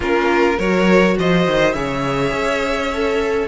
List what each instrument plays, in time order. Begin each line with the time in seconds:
0.00 cello A#3, viola C#4, violin F4 A#4
0.57 cello F#3, viola F#4, violin A#4 C#5
1.19 cello F3, violin C5 D#5
1.46 cello D#3
1.73 cello C#3, viola G#4, violin C#5 E5
2.31 cello C#4
2.93 viola A4